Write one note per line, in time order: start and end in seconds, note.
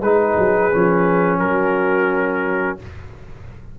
0.00 0.34 G#3
0.00 0.72 D#4
0.00 1.39 G#4
0.00 1.39 B4
0.37 0.72 F#3
0.72 1.40 F3
0.72 2.78 C#4
1.39 2.77 F#3
1.39 2.77 F#4
1.39 2.77 A#4